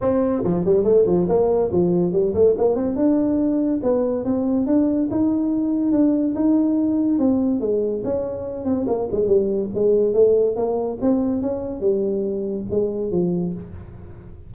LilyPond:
\new Staff \with { instrumentName = "tuba" } { \time 4/4 \tempo 4 = 142 c'4 f8 g8 a8 f8 ais4 | f4 g8 a8 ais8 c'8 d'4~ | d'4 b4 c'4 d'4 | dis'2 d'4 dis'4~ |
dis'4 c'4 gis4 cis'4~ | cis'8 c'8 ais8 gis8 g4 gis4 | a4 ais4 c'4 cis'4 | g2 gis4 f4 | }